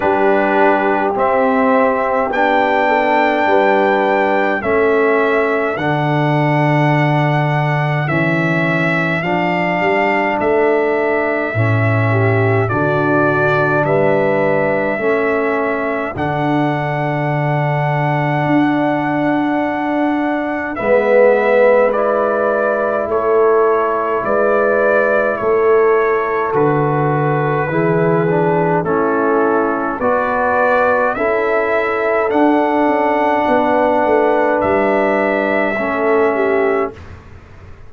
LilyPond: <<
  \new Staff \with { instrumentName = "trumpet" } { \time 4/4 \tempo 4 = 52 b'4 e''4 g''2 | e''4 fis''2 e''4 | f''4 e''2 d''4 | e''2 fis''2~ |
fis''2 e''4 d''4 | cis''4 d''4 cis''4 b'4~ | b'4 a'4 d''4 e''4 | fis''2 e''2 | }
  \new Staff \with { instrumentName = "horn" } { \time 4/4 g'2~ g'8 a'8 b'4 | a'1~ | a'2~ a'8 g'8 fis'4 | b'4 a'2.~ |
a'2 b'2 | a'4 b'4 a'2 | gis'4 e'4 b'4 a'4~ | a'4 b'2 a'8 g'8 | }
  \new Staff \with { instrumentName = "trombone" } { \time 4/4 d'4 c'4 d'2 | cis'4 d'2 cis'4 | d'2 cis'4 d'4~ | d'4 cis'4 d'2~ |
d'2 b4 e'4~ | e'2. fis'4 | e'8 d'8 cis'4 fis'4 e'4 | d'2. cis'4 | }
  \new Staff \with { instrumentName = "tuba" } { \time 4/4 g4 c'4 b4 g4 | a4 d2 e4 | f8 g8 a4 a,4 d4 | g4 a4 d2 |
d'2 gis2 | a4 gis4 a4 d4 | e4 a4 b4 cis'4 | d'8 cis'8 b8 a8 g4 a4 | }
>>